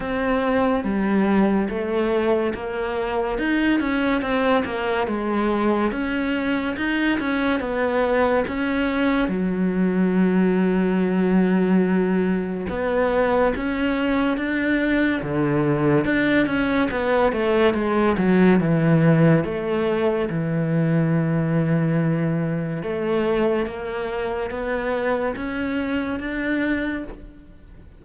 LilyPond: \new Staff \with { instrumentName = "cello" } { \time 4/4 \tempo 4 = 71 c'4 g4 a4 ais4 | dis'8 cis'8 c'8 ais8 gis4 cis'4 | dis'8 cis'8 b4 cis'4 fis4~ | fis2. b4 |
cis'4 d'4 d4 d'8 cis'8 | b8 a8 gis8 fis8 e4 a4 | e2. a4 | ais4 b4 cis'4 d'4 | }